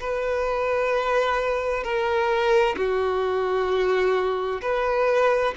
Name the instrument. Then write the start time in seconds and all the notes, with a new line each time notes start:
violin
0.00 B4
1.83 A#4
2.77 F#4
4.62 B4